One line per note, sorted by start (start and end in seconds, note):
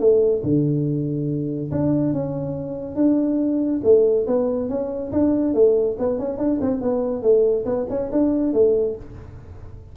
0.00 0.43 A3
0.44 1.71 D3
1.72 2.14 D4
2.14 2.96 C#4
2.96 3.81 D4
3.84 4.26 A3
4.27 4.69 B3
4.69 5.12 C#4
5.12 5.54 D4
5.54 5.97 A3
5.99 6.19 B3
6.19 6.38 C#4
6.38 6.60 D4
6.62 6.81 C4
6.81 7.23 B3
7.23 7.65 A3
7.66 7.87 B3
7.90 8.11 C#4
8.12 8.54 D4
8.54 8.96 A3